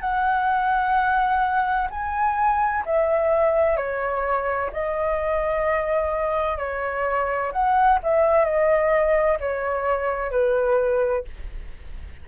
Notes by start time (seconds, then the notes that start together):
0.00 F#5
1.90 G#5
2.85 E5
3.76 C#5
4.73 D#5
6.58 C#5
7.52 F#5
8.03 E5
8.44 D#5
9.40 C#5
10.31 B4